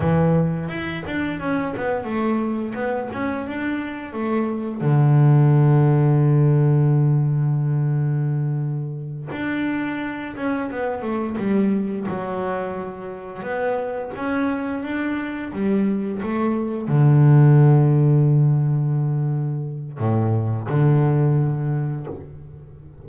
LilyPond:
\new Staff \with { instrumentName = "double bass" } { \time 4/4 \tempo 4 = 87 e4 e'8 d'8 cis'8 b8 a4 | b8 cis'8 d'4 a4 d4~ | d1~ | d4. d'4. cis'8 b8 |
a8 g4 fis2 b8~ | b8 cis'4 d'4 g4 a8~ | a8 d2.~ d8~ | d4 a,4 d2 | }